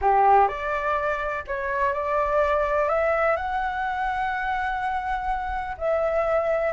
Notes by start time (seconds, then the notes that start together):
0.01 G4
0.48 D5
1.47 C#5
1.93 D5
2.88 E5
3.36 F#5
5.77 E5